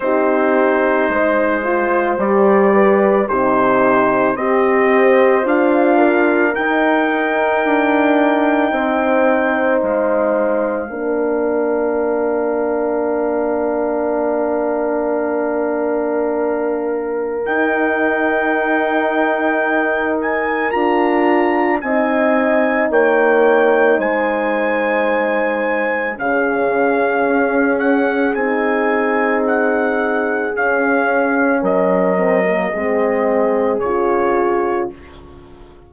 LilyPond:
<<
  \new Staff \with { instrumentName = "trumpet" } { \time 4/4 \tempo 4 = 55 c''2 d''4 c''4 | dis''4 f''4 g''2~ | g''4 f''2.~ | f''1 |
g''2~ g''8 gis''8 ais''4 | gis''4 g''4 gis''2 | f''4. fis''8 gis''4 fis''4 | f''4 dis''2 cis''4 | }
  \new Staff \with { instrumentName = "horn" } { \time 4/4 g'4 c''4. b'8 g'4 | c''4. ais'2~ ais'8 | c''2 ais'2~ | ais'1~ |
ais'1 | dis''4 cis''4 c''2 | gis'1~ | gis'4 ais'4 gis'2 | }
  \new Staff \with { instrumentName = "horn" } { \time 4/4 dis'4. f'8 g'4 dis'4 | g'4 f'4 dis'2~ | dis'2 d'2~ | d'1 |
dis'2. f'4 | dis'1 | cis'2 dis'2 | cis'4. c'16 ais16 c'4 f'4 | }
  \new Staff \with { instrumentName = "bassoon" } { \time 4/4 c'4 gis4 g4 c4 | c'4 d'4 dis'4 d'4 | c'4 gis4 ais2~ | ais1 |
dis'2. d'4 | c'4 ais4 gis2 | cis4 cis'4 c'2 | cis'4 fis4 gis4 cis4 | }
>>